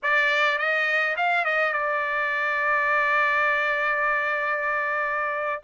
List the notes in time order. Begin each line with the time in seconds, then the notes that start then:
0.02 D5
0.58 D#5
1.16 F5
1.44 D#5
1.73 D5